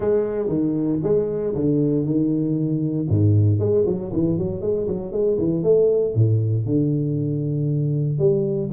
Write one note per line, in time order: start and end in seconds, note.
0.00 0.48 G#3
0.48 0.99 D#3
1.03 1.54 G#3
1.55 2.05 D3
2.05 3.07 D#3
3.09 3.59 G#2
3.59 3.84 G#3
3.86 4.11 F#3
4.13 4.38 E3
4.38 4.61 F#3
4.61 4.86 G#3
4.87 5.12 F#3
5.12 5.37 G#3
5.38 5.63 E3
5.63 6.14 A3
6.14 6.65 A2
6.65 8.18 D3
8.18 8.69 G3